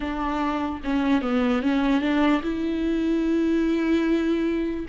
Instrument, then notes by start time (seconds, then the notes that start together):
viola
0.00 D4
0.84 C#4
1.21 B3
1.62 C#4
2.00 D4
2.42 E4